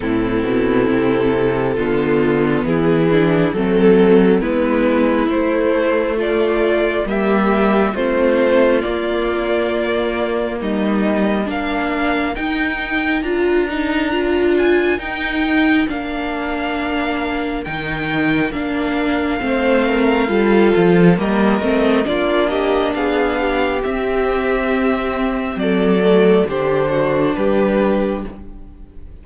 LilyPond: <<
  \new Staff \with { instrumentName = "violin" } { \time 4/4 \tempo 4 = 68 a'2. gis'4 | a'4 b'4 c''4 d''4 | e''4 c''4 d''2 | dis''4 f''4 g''4 ais''4~ |
ais''8 gis''8 g''4 f''2 | g''4 f''2. | dis''4 d''8 dis''8 f''4 e''4~ | e''4 d''4 c''4 b'4 | }
  \new Staff \with { instrumentName = "violin" } { \time 4/4 e'2 f'4 e'4 | a4 e'2 f'4 | g'4 f'2. | dis'4 ais'2.~ |
ais'1~ | ais'2 c''8 ais'8 a'4 | ais'4 f'8 g'8 gis'8 g'4.~ | g'4 a'4 g'8 fis'8 g'4 | }
  \new Staff \with { instrumentName = "viola" } { \time 4/4 c'2 b4. d'8 | c'4 b4 a2 | ais4 c'4 ais2~ | ais4 d'4 dis'4 f'8 dis'8 |
f'4 dis'4 d'2 | dis'4 d'4 c'4 f'4 | ais8 c'8 d'2 c'4~ | c'4. a8 d'2 | }
  \new Staff \with { instrumentName = "cello" } { \time 4/4 a,8 b,8 c4 d4 e4 | fis4 gis4 a2 | g4 a4 ais2 | g4 ais4 dis'4 d'4~ |
d'4 dis'4 ais2 | dis4 ais4 a4 g8 f8 | g8 a8 ais4 b4 c'4~ | c'4 fis4 d4 g4 | }
>>